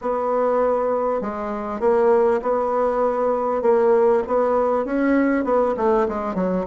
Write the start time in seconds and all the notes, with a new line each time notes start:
0.01 B3
1.21 G#3
1.80 A#3
2.42 B3
3.62 A#3
4.27 B3
4.85 C#4
5.44 B3
5.76 A3
6.08 G#3
6.34 F#3